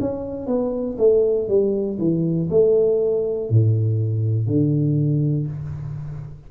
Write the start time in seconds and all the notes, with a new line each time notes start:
0.00 C#4
0.47 B3
0.99 A3
1.48 G3
1.99 E3
2.50 A3
3.50 A2
4.47 D3